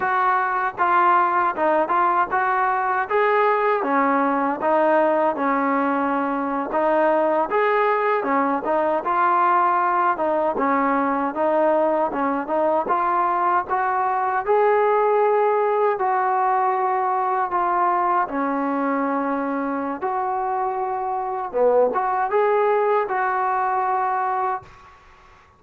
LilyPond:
\new Staff \with { instrumentName = "trombone" } { \time 4/4 \tempo 4 = 78 fis'4 f'4 dis'8 f'8 fis'4 | gis'4 cis'4 dis'4 cis'4~ | cis'8. dis'4 gis'4 cis'8 dis'8 f'16~ | f'4~ f'16 dis'8 cis'4 dis'4 cis'16~ |
cis'16 dis'8 f'4 fis'4 gis'4~ gis'16~ | gis'8. fis'2 f'4 cis'16~ | cis'2 fis'2 | b8 fis'8 gis'4 fis'2 | }